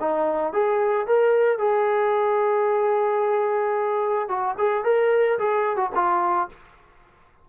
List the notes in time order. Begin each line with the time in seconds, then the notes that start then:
0.00 D#4
0.53 G#4
1.07 A#4
1.58 G#4
4.28 F#4
4.58 G#4
4.84 A#4
5.39 G#4
5.76 F#4
5.95 F4